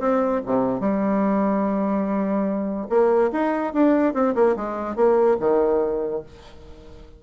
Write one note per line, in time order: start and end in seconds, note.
0.00 0.41 C4
0.46 0.81 C3
0.81 2.88 G3
2.90 3.31 A#3
3.32 3.74 D#4
3.74 4.14 D4
4.14 4.35 C4
4.35 4.56 A#3
4.57 4.96 G#3
4.96 5.37 A#3
5.40 6.23 D#3